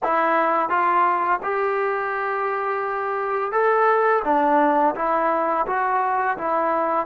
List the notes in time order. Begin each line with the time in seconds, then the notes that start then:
0.03 E4
0.69 F4
1.42 G4
3.52 A4
4.24 D4
4.95 E4
5.66 F#4
6.37 E4